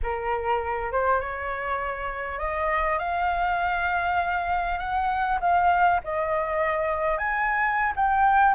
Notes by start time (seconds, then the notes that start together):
0.02 A#4
0.92 C5
1.20 C#5
2.38 D#5
2.98 F5
4.78 F#5
5.40 F5
6.04 D#5
7.18 G#5
7.96 G5